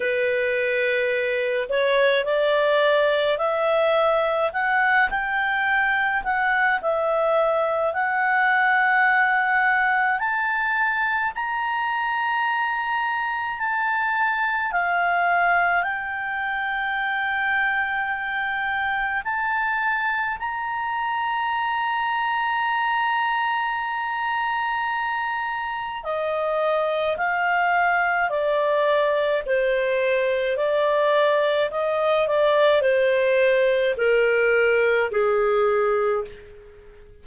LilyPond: \new Staff \with { instrumentName = "clarinet" } { \time 4/4 \tempo 4 = 53 b'4. cis''8 d''4 e''4 | fis''8 g''4 fis''8 e''4 fis''4~ | fis''4 a''4 ais''2 | a''4 f''4 g''2~ |
g''4 a''4 ais''2~ | ais''2. dis''4 | f''4 d''4 c''4 d''4 | dis''8 d''8 c''4 ais'4 gis'4 | }